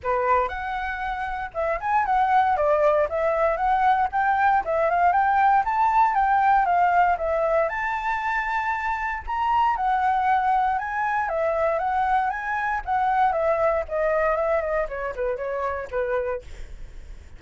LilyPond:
\new Staff \with { instrumentName = "flute" } { \time 4/4 \tempo 4 = 117 b'4 fis''2 e''8 gis''8 | fis''4 d''4 e''4 fis''4 | g''4 e''8 f''8 g''4 a''4 | g''4 f''4 e''4 a''4~ |
a''2 ais''4 fis''4~ | fis''4 gis''4 e''4 fis''4 | gis''4 fis''4 e''4 dis''4 | e''8 dis''8 cis''8 b'8 cis''4 b'4 | }